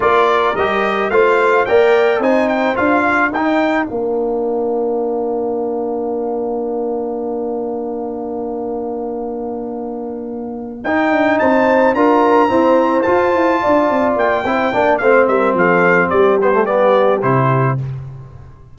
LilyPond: <<
  \new Staff \with { instrumentName = "trumpet" } { \time 4/4 \tempo 4 = 108 d''4 dis''4 f''4 g''4 | gis''8 g''8 f''4 g''4 f''4~ | f''1~ | f''1~ |
f''2.~ f''8 g''8~ | g''8 a''4 ais''2 a''8~ | a''4. g''4. f''8 e''8 | f''4 d''8 c''8 d''4 c''4 | }
  \new Staff \with { instrumentName = "horn" } { \time 4/4 ais'2 c''4 d''4 | c''4. ais'2~ ais'8~ | ais'1~ | ais'1~ |
ais'1~ | ais'8 c''4 ais'4 c''4.~ | c''8 d''4. c''8 d''8 c''8 ais'8 | a'4 g'2. | }
  \new Staff \with { instrumentName = "trombone" } { \time 4/4 f'4 g'4 f'4 ais'4 | dis'4 f'4 dis'4 d'4~ | d'1~ | d'1~ |
d'2.~ d'8 dis'8~ | dis'4. f'4 c'4 f'8~ | f'2 e'8 d'8 c'4~ | c'4. b16 a16 b4 e'4 | }
  \new Staff \with { instrumentName = "tuba" } { \time 4/4 ais4 g4 a4 ais4 | c'4 d'4 dis'4 ais4~ | ais1~ | ais1~ |
ais2.~ ais8 dis'8 | d'8 c'4 d'4 e'4 f'8 | e'8 d'8 c'8 ais8 c'8 ais8 a8 g8 | f4 g2 c4 | }
>>